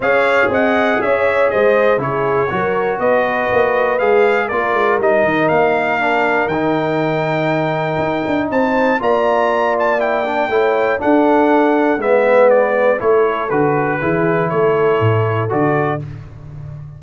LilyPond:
<<
  \new Staff \with { instrumentName = "trumpet" } { \time 4/4 \tempo 4 = 120 f''4 fis''4 e''4 dis''4 | cis''2 dis''2 | f''4 d''4 dis''4 f''4~ | f''4 g''2.~ |
g''4 a''4 ais''4. a''8 | g''2 fis''2 | e''4 d''4 cis''4 b'4~ | b'4 cis''2 d''4 | }
  \new Staff \with { instrumentName = "horn" } { \time 4/4 cis''4 dis''4 cis''4 c''4 | gis'4 ais'4 b'2~ | b'4 ais'2.~ | ais'1~ |
ais'4 c''4 d''2~ | d''4 cis''4 a'2 | b'2 a'2 | gis'4 a'2. | }
  \new Staff \with { instrumentName = "trombone" } { \time 4/4 gis'1 | e'4 fis'2. | gis'4 f'4 dis'2 | d'4 dis'2.~ |
dis'2 f'2 | e'8 d'8 e'4 d'2 | b2 e'4 fis'4 | e'2. fis'4 | }
  \new Staff \with { instrumentName = "tuba" } { \time 4/4 cis'4 c'4 cis'4 gis4 | cis4 fis4 b4 ais4 | gis4 ais8 gis8 g8 dis8 ais4~ | ais4 dis2. |
dis'8 d'8 c'4 ais2~ | ais4 a4 d'2 | gis2 a4 d4 | e4 a4 a,4 d4 | }
>>